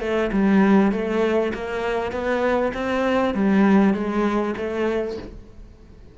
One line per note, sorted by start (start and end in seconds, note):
0.00 0.30 A3
0.32 0.92 G3
0.92 1.52 A3
1.54 2.12 A#3
2.12 2.72 B3
2.74 3.34 C4
3.34 3.94 G3
3.94 4.54 G#3
4.56 5.17 A3